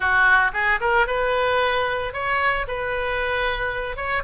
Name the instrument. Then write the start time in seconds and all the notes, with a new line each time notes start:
oboe
0.00 F#4
0.53 G#4
0.80 A#4
1.06 B4
2.13 C#5
2.67 B4
3.96 C#5